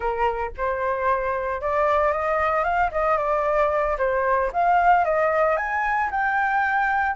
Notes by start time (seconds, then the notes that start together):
0.00 A#4
0.57 C5
1.61 D5
2.12 D#5
2.64 F5
2.91 D#5
3.17 D5
3.98 C5
4.53 F5
5.04 D#5
5.57 G#5
6.10 G5